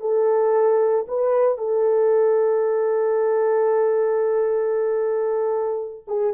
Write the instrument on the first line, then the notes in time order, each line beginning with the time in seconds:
horn
0.00 A4
1.07 B4
1.57 A4
6.07 G#4